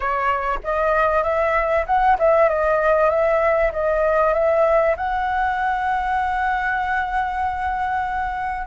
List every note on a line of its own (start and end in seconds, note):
0.00 0.59 C#5
0.63 1.23 D#5
1.23 1.85 E5
1.86 2.17 F#5
2.18 2.49 E5
2.49 3.09 D#5
3.09 3.71 E5
3.72 4.33 D#5
4.33 4.95 E5
4.97 8.67 F#5